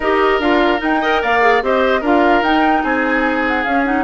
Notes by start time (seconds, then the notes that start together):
0.00 D#4 G4 A#4 D#5
0.39 D4 F4 F5
0.79 D#4 G5
1.01 A#4 D#5
1.22 A#3 D5 F5
1.41 G#4
1.62 C4 G4 C5 D#5
2.01 D4 F4 A#4 F5
2.41 D#4 G5
2.83 C4 G#4 G#5
3.47 F#5
3.64 C#4 F5
3.85 D#4 F#5